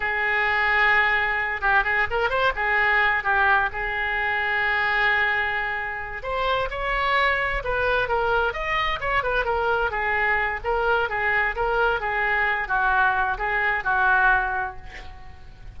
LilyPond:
\new Staff \with { instrumentName = "oboe" } { \time 4/4 \tempo 4 = 130 gis'2.~ gis'8 g'8 | gis'8 ais'8 c''8 gis'4. g'4 | gis'1~ | gis'4. c''4 cis''4.~ |
cis''8 b'4 ais'4 dis''4 cis''8 | b'8 ais'4 gis'4. ais'4 | gis'4 ais'4 gis'4. fis'8~ | fis'4 gis'4 fis'2 | }